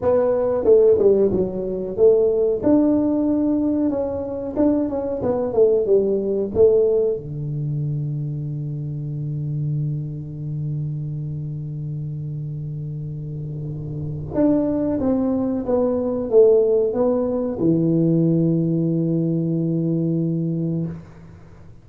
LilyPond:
\new Staff \with { instrumentName = "tuba" } { \time 4/4 \tempo 4 = 92 b4 a8 g8 fis4 a4 | d'2 cis'4 d'8 cis'8 | b8 a8 g4 a4 d4~ | d1~ |
d1~ | d2 d'4 c'4 | b4 a4 b4 e4~ | e1 | }